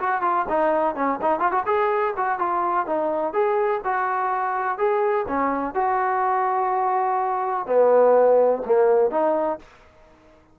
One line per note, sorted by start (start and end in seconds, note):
0.00 0.22 F#4
0.22 0.46 F4
0.49 0.96 D#4
0.96 1.20 C#4
1.22 1.40 D#4
1.40 1.52 F4
1.52 1.64 F#4
1.66 2.14 G#4
2.17 2.39 F#4
2.39 2.87 F4
2.87 3.34 D#4
3.34 3.82 G#4
3.85 4.78 F#4
4.78 5.26 G#4
5.28 5.75 C#4
5.75 7.67 F#4
7.67 8.63 B3
8.66 9.11 A#3
9.11 9.59 D#4